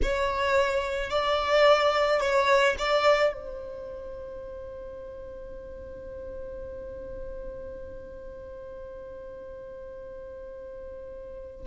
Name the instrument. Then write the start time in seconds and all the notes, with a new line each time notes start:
violin
0.02 C#5
1.10 D5
2.20 C#5
2.78 D5
3.33 C5